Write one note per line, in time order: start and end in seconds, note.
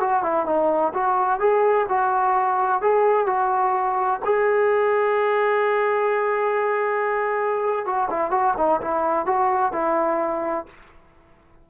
0.00 0.23 F#4
0.23 0.46 E4
0.46 0.93 D#4
0.94 1.40 F#4
1.40 1.86 G#4
1.89 2.82 F#4
2.82 3.26 G#4
3.26 4.20 F#4
4.25 7.86 G#4
7.86 8.09 F#4
8.10 8.31 E4
8.31 8.54 F#4
8.57 8.81 D#4
8.81 9.26 E4
9.26 9.72 F#4
9.72 10.66 E4